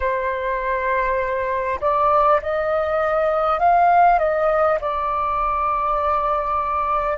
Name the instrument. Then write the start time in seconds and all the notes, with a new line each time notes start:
flute
0.00 C5
1.81 D5
2.42 D#5
3.59 F5
4.18 D#5
4.81 D5